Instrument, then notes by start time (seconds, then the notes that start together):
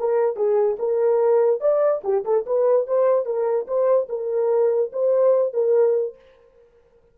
horn
0.00 A#4
0.37 G#4
0.80 A#4
1.61 D5
2.04 G4
2.25 A4
2.47 B4
2.87 C5
3.26 A#4
3.68 C5
4.09 A#4
4.93 C5
5.54 A#4